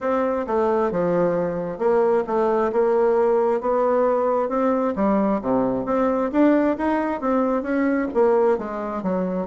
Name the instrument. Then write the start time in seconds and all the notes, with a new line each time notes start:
bassoon
0.00 C4
0.46 A3
0.91 F3
1.78 A#3
2.26 A3
2.72 A#3
3.60 B3
4.48 C4
4.95 G3
5.41 C3
5.85 C4
6.32 D4
6.77 D#4
7.21 C4
7.62 C#4
8.13 A#3
8.58 G#3
9.02 F#3